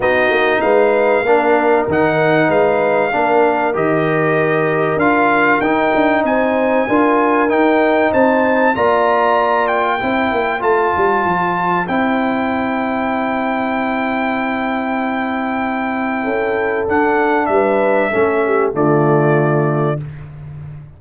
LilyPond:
<<
  \new Staff \with { instrumentName = "trumpet" } { \time 4/4 \tempo 4 = 96 dis''4 f''2 fis''4 | f''2 dis''2 | f''4 g''4 gis''2 | g''4 a''4 ais''4. g''8~ |
g''4 a''2 g''4~ | g''1~ | g''2. fis''4 | e''2 d''2 | }
  \new Staff \with { instrumentName = "horn" } { \time 4/4 fis'4 b'4 ais'2 | b'4 ais'2.~ | ais'2 c''4 ais'4~ | ais'4 c''4 d''2 |
c''1~ | c''1~ | c''2 a'2 | b'4 a'8 g'8 f'2 | }
  \new Staff \with { instrumentName = "trombone" } { \time 4/4 dis'2 d'4 dis'4~ | dis'4 d'4 g'2 | f'4 dis'2 f'4 | dis'2 f'2 |
e'4 f'2 e'4~ | e'1~ | e'2. d'4~ | d'4 cis'4 a2 | }
  \new Staff \with { instrumentName = "tuba" } { \time 4/4 b8 ais8 gis4 ais4 dis4 | gis4 ais4 dis2 | d'4 dis'8 d'8 c'4 d'4 | dis'4 c'4 ais2 |
c'8 ais8 a8 g8 f4 c'4~ | c'1~ | c'2 cis'4 d'4 | g4 a4 d2 | }
>>